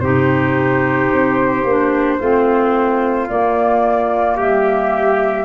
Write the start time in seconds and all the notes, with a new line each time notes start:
0.00 C3 D#4 G4 C5
1.13 C4
1.64 A#3 D4
2.20 A3 C4 F4
3.28 A#3 D5
4.37 G3 G4 E5